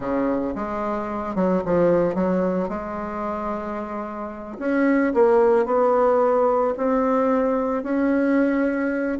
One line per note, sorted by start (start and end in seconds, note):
0.00 0.54 C#3
0.55 1.35 G#3
1.35 1.62 F#3
1.65 2.14 F3
2.14 2.69 F#3
2.69 4.58 G#3
4.58 5.13 C#4
5.14 5.65 A#3
5.65 6.73 B3
6.77 7.83 C4
7.83 9.18 C#4